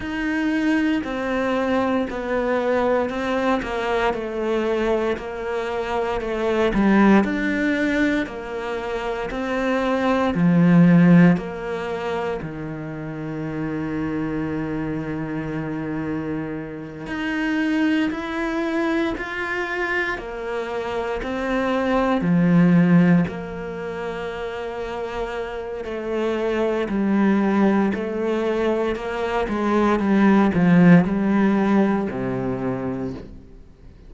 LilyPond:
\new Staff \with { instrumentName = "cello" } { \time 4/4 \tempo 4 = 58 dis'4 c'4 b4 c'8 ais8 | a4 ais4 a8 g8 d'4 | ais4 c'4 f4 ais4 | dis1~ |
dis8 dis'4 e'4 f'4 ais8~ | ais8 c'4 f4 ais4.~ | ais4 a4 g4 a4 | ais8 gis8 g8 f8 g4 c4 | }